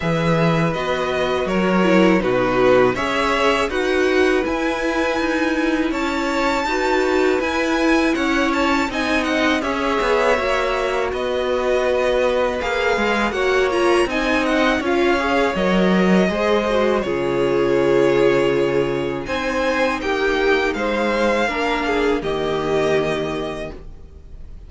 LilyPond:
<<
  \new Staff \with { instrumentName = "violin" } { \time 4/4 \tempo 4 = 81 e''4 dis''4 cis''4 b'4 | e''4 fis''4 gis''2 | a''2 gis''4 fis''8 a''8 | gis''8 fis''8 e''2 dis''4~ |
dis''4 f''4 fis''8 ais''8 gis''8 fis''8 | f''4 dis''2 cis''4~ | cis''2 gis''4 g''4 | f''2 dis''2 | }
  \new Staff \with { instrumentName = "violin" } { \time 4/4 b'2 ais'4 fis'4 | cis''4 b'2. | cis''4 b'2 cis''4 | dis''4 cis''2 b'4~ |
b'2 cis''4 dis''4 | cis''2 c''4 gis'4~ | gis'2 c''4 g'4 | c''4 ais'8 gis'8 g'2 | }
  \new Staff \with { instrumentName = "viola" } { \time 4/4 gis'4 fis'4. e'8 dis'4 | gis'4 fis'4 e'2~ | e'4 fis'4 e'2 | dis'4 gis'4 fis'2~ |
fis'4 gis'4 fis'8 f'8 dis'4 | f'8 gis'8 ais'4 gis'8 fis'8 f'4~ | f'2 dis'2~ | dis'4 d'4 ais2 | }
  \new Staff \with { instrumentName = "cello" } { \time 4/4 e4 b4 fis4 b,4 | cis'4 dis'4 e'4 dis'4 | cis'4 dis'4 e'4 cis'4 | c'4 cis'8 b8 ais4 b4~ |
b4 ais8 gis8 ais4 c'4 | cis'4 fis4 gis4 cis4~ | cis2 c'4 ais4 | gis4 ais4 dis2 | }
>>